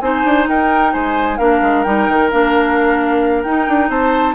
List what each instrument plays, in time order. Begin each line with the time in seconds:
0.00 bassoon C4, clarinet D#4, oboe C5, flute G#5
0.24 bassoon D4
0.48 bassoon D#4, oboe A#4, flute G5
0.93 bassoon G#3, oboe C5, flute G#5
1.37 bassoon A#3, clarinet D4, oboe A#4, flute F5
1.62 bassoon G#3
1.83 bassoon G3, clarinet D#4, flute G5
2.08 bassoon D#3
2.30 bassoon A#3, clarinet D4, flute F5
3.43 bassoon D#4, clarinet D#4, flute G5
3.67 bassoon D4
3.89 bassoon C4, oboe C5, flute A5